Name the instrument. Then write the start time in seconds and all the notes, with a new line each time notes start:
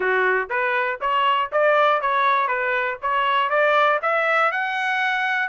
trumpet
0.00 F#4
0.49 B4
1.00 C#5
1.52 D5
2.01 C#5
2.47 B4
3.02 C#5
3.49 D5
4.01 E5
4.51 F#5